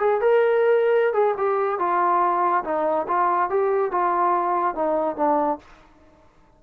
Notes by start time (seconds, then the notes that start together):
0.00 G#4
0.21 A#4
1.14 G#4
1.38 G4
1.79 F4
2.64 D#4
3.08 F4
3.50 G4
3.92 F4
4.75 D#4
5.16 D4